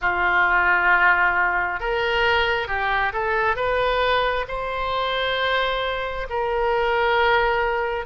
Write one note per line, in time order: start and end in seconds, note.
0.01 1.80 F4
1.80 2.67 A#4
2.67 3.12 G4
3.12 3.56 A4
3.56 4.45 B4
4.48 6.27 C5
6.29 8.05 A#4